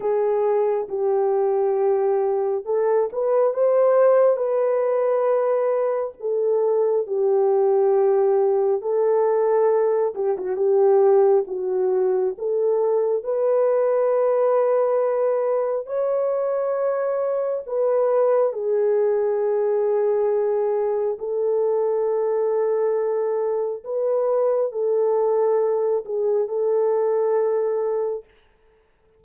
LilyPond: \new Staff \with { instrumentName = "horn" } { \time 4/4 \tempo 4 = 68 gis'4 g'2 a'8 b'8 | c''4 b'2 a'4 | g'2 a'4. g'16 fis'16 | g'4 fis'4 a'4 b'4~ |
b'2 cis''2 | b'4 gis'2. | a'2. b'4 | a'4. gis'8 a'2 | }